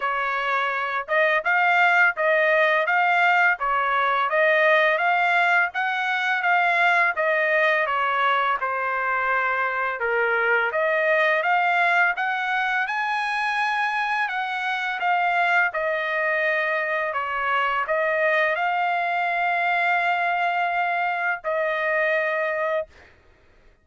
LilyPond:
\new Staff \with { instrumentName = "trumpet" } { \time 4/4 \tempo 4 = 84 cis''4. dis''8 f''4 dis''4 | f''4 cis''4 dis''4 f''4 | fis''4 f''4 dis''4 cis''4 | c''2 ais'4 dis''4 |
f''4 fis''4 gis''2 | fis''4 f''4 dis''2 | cis''4 dis''4 f''2~ | f''2 dis''2 | }